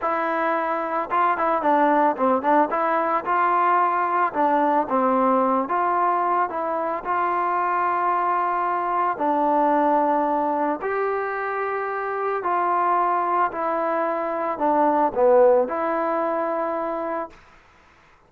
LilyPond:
\new Staff \with { instrumentName = "trombone" } { \time 4/4 \tempo 4 = 111 e'2 f'8 e'8 d'4 | c'8 d'8 e'4 f'2 | d'4 c'4. f'4. | e'4 f'2.~ |
f'4 d'2. | g'2. f'4~ | f'4 e'2 d'4 | b4 e'2. | }